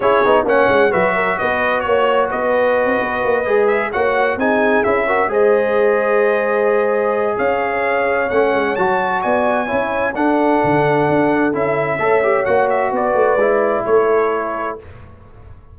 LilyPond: <<
  \new Staff \with { instrumentName = "trumpet" } { \time 4/4 \tempo 4 = 130 cis''4 fis''4 e''4 dis''4 | cis''4 dis''2. | e''8 fis''4 gis''4 e''4 dis''8~ | dis''1 |
f''2 fis''4 a''4 | gis''2 fis''2~ | fis''4 e''2 fis''8 e''8 | d''2 cis''2 | }
  \new Staff \with { instrumentName = "horn" } { \time 4/4 gis'4 cis''4 b'8 ais'8 b'4 | cis''4 b'2.~ | b'8 cis''4 gis'4. ais'8 c''8~ | c''1 |
cis''1 | d''4 cis''4 a'2~ | a'2 cis''2 | b'2 a'2 | }
  \new Staff \with { instrumentName = "trombone" } { \time 4/4 e'8 dis'8 cis'4 fis'2~ | fis'2.~ fis'8 gis'8~ | gis'8 fis'4 dis'4 e'8 fis'8 gis'8~ | gis'1~ |
gis'2 cis'4 fis'4~ | fis'4 e'4 d'2~ | d'4 e'4 a'8 g'8 fis'4~ | fis'4 e'2. | }
  \new Staff \with { instrumentName = "tuba" } { \time 4/4 cis'8 b8 ais8 gis8 fis4 b4 | ais4 b4~ b16 c'16 b8 ais8 gis8~ | gis8 ais4 c'4 cis'4 gis8~ | gis1 |
cis'2 a8 gis8 fis4 | b4 cis'4 d'4 d4 | d'4 cis'4 a4 ais4 | b8 a8 gis4 a2 | }
>>